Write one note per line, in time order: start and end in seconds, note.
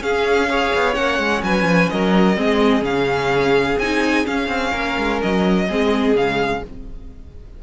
0.00 0.47 C#4
0.00 0.71 C#4
0.00 0.49 G#4
0.00 0.94 F5
0.49 0.93 G#4
0.49 1.43 C#5
0.75 0.97 B3
0.93 1.18 A#3
0.93 2.35 C#4
0.93 1.41 F#5
1.18 1.42 G#3
1.43 1.63 F#3
1.43 1.92 B4
1.43 1.89 G#5
1.63 1.87 F3
1.89 2.37 F#3
1.89 2.38 A#4
1.89 2.84 D#5
2.36 2.81 G#3
2.36 2.81 C4
2.36 4.71 G#4
2.81 3.76 C#3
2.81 3.75 C#4
2.81 3.79 F5
3.78 4.25 C4
3.78 4.25 D#4
3.78 4.26 G#5
4.25 5.67 C#4
4.25 4.48 C#4
4.25 5.21 F5
4.48 4.71 C4
4.71 4.97 A#3
4.71 5.65 A#4
4.98 5.22 G#3
5.22 5.69 F#3
5.22 6.16 D#5
5.68 6.14 G#3
5.68 6.16 C4
5.68 6.63 G#4
6.14 6.61 C#3
6.14 6.63 G#3
6.14 6.63 F5